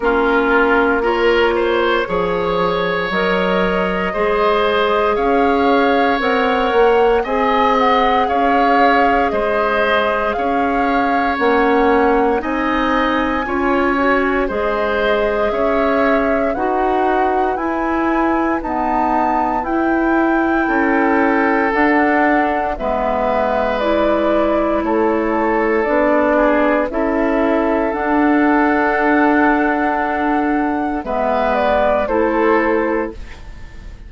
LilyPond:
<<
  \new Staff \with { instrumentName = "flute" } { \time 4/4 \tempo 4 = 58 ais'4 cis''2 dis''4~ | dis''4 f''4 fis''4 gis''8 fis''8 | f''4 dis''4 f''4 fis''4 | gis''2 dis''4 e''4 |
fis''4 gis''4 a''4 g''4~ | g''4 fis''4 e''4 d''4 | cis''4 d''4 e''4 fis''4~ | fis''2 e''8 d''8 c''4 | }
  \new Staff \with { instrumentName = "oboe" } { \time 4/4 f'4 ais'8 c''8 cis''2 | c''4 cis''2 dis''4 | cis''4 c''4 cis''2 | dis''4 cis''4 c''4 cis''4 |
b'1 | a'2 b'2 | a'4. gis'8 a'2~ | a'2 b'4 a'4 | }
  \new Staff \with { instrumentName = "clarinet" } { \time 4/4 cis'4 f'4 gis'4 ais'4 | gis'2 ais'4 gis'4~ | gis'2. cis'4 | dis'4 f'8 fis'8 gis'2 |
fis'4 e'4 b4 e'4~ | e'4 d'4 b4 e'4~ | e'4 d'4 e'4 d'4~ | d'2 b4 e'4 | }
  \new Staff \with { instrumentName = "bassoon" } { \time 4/4 ais2 f4 fis4 | gis4 cis'4 c'8 ais8 c'4 | cis'4 gis4 cis'4 ais4 | c'4 cis'4 gis4 cis'4 |
dis'4 e'4 dis'4 e'4 | cis'4 d'4 gis2 | a4 b4 cis'4 d'4~ | d'2 gis4 a4 | }
>>